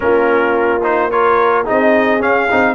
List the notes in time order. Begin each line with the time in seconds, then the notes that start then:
0.00 A#3 C#4 F4 A#4
0.83 D#4 C5
1.10 F4 A#4 C#5
1.64 C4 D#4 G#4 D#5
2.19 C#4 F5
2.50 C4 D#4